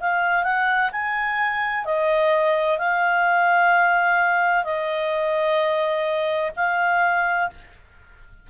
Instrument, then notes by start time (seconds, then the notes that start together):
clarinet
0.00 F5
0.43 F#5
0.92 G#5
1.85 D#5
2.78 F5
4.64 D#5
6.56 F5